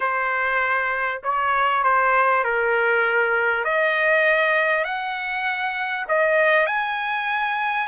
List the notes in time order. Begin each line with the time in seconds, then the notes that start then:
0.00 C5
1.23 C#5
1.83 C5
2.44 A#4
3.64 D#5
4.84 F#5
6.08 D#5
6.66 G#5